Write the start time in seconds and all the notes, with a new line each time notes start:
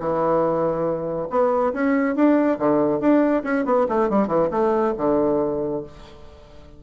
0.00 E3
1.30 B3
1.73 C#4
2.15 D4
2.59 D3
3.00 D4
3.44 C#4
3.65 B3
3.89 A3
4.09 G3
4.28 E3
4.51 A3
4.98 D3